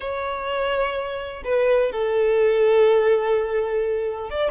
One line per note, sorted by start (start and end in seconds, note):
0.00 1.43 C#5
1.44 1.92 B4
1.92 4.30 A4
4.30 4.51 D5